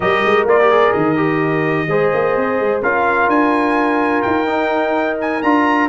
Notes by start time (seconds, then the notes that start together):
0.00 G3 G4 A#4 D#5
0.25 G#3
0.45 A#3 F4 D5
0.61 G4
0.71 G#4
0.92 D#3 D#5
1.15 G4
1.87 G#3 G#4 C5
2.13 A#3
2.36 C4
2.60 G#3
2.81 C#4 F4 A#4 F5
3.28 D4 G#5
4.21 D#4 G5
4.46 D#4
5.21 G#5
5.42 D4 F4 A#5